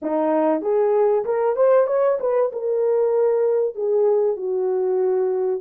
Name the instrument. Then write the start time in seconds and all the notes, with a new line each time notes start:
horn
0.02 D#4
0.61 G#4
1.24 A#4
1.56 C5
1.87 C#5
2.20 B4
2.52 A#4
3.75 G#4
4.36 F#4